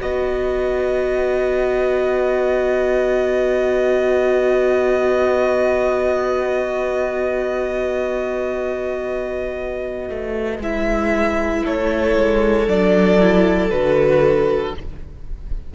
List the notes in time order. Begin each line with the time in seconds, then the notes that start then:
0.00 B3 F#4 B4 D#5
10.09 A3
10.59 G#3 E4 E5
11.65 A3 A4 C#5
12.16 G#3
12.67 F#3 D4 D5
13.20 E4
13.70 D3 F#4 B4